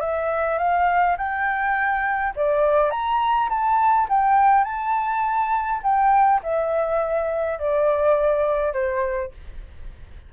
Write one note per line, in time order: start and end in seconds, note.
0.00 0.58 E5
0.58 1.16 F5
1.17 2.33 G5
2.35 2.90 D5
2.90 3.48 A#5
3.49 4.07 A5
4.09 4.64 G5
4.64 5.80 A5
5.83 6.41 G5
6.43 7.59 E5
7.59 8.73 D5
8.73 9.31 C5